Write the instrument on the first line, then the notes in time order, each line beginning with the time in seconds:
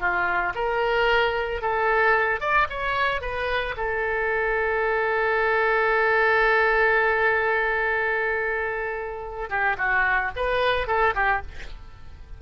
oboe
0.00 F4
0.56 A#4
1.62 A4
2.41 D5
2.70 C#5
3.22 B4
3.77 A4
9.50 G4
9.78 F#4
10.36 B4
10.88 A4
11.15 G4